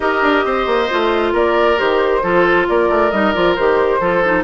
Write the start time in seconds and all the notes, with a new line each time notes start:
0.00 D#4 G4 A#4 D#5
0.21 D4
0.45 C4 C5
0.66 A#3
0.90 A3 F4
1.33 A#3 A#4 D5
1.77 D#3 G4 C5
2.22 F3 F4 A4
2.68 A#3 A#4 D5
2.89 A3
3.11 G3 D#4 D#5
3.32 F3 F4 D5
3.55 D#3 G4 C5
4.00 F3 F4 A4
4.24 D#4